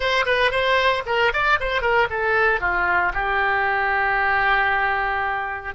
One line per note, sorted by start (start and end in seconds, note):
0.00 0.25 C5
0.25 0.51 B4
0.51 1.03 C5
1.06 1.32 A#4
1.33 1.59 D5
1.59 1.81 C5
1.81 2.07 A#4
2.10 2.60 A4
2.60 3.12 F4
3.13 5.74 G4